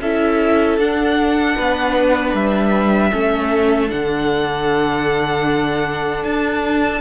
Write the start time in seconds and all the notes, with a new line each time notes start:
0.00 C#4 E4 A4 E5
0.78 D4 F#5
1.56 B3 B4
2.33 G3 E5
3.12 A3 C#4 A4
3.89 D3 D4 F#5
6.24 D4 A5